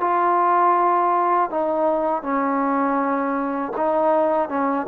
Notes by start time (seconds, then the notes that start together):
0.00 F4
1.50 D#4
2.22 C#4
3.76 D#4
4.49 C#4